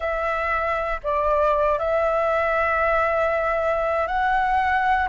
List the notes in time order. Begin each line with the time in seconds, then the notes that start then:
0.00 E5
1.03 D5
1.78 E5
4.07 F#5